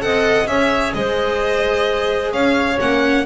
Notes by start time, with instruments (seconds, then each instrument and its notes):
0.00 double bass C4, viola A4, clarinet D#5, violin F#5
0.47 double bass C#4, viola G#4, clarinet C#5, violin E5
0.94 double bass G#3, clarinet C5, violin D#5
2.32 double bass C#4, clarinet C#5, violin F5
2.79 double bass A#3, viola C#4, violin F#5